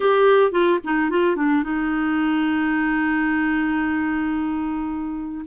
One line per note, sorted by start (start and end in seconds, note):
0.00 0.51 G4
0.51 0.79 F4
0.84 1.10 D#4
1.10 1.36 F4
1.36 1.63 D4
1.63 5.45 D#4